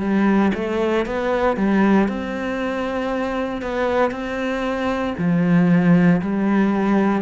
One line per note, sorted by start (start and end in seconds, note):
0.00 0.52 G3
0.54 1.06 A3
1.06 1.57 B3
1.57 2.08 G3
2.08 3.62 C4
3.62 4.11 B3
4.11 5.14 C4
5.18 6.21 F3
6.21 7.22 G3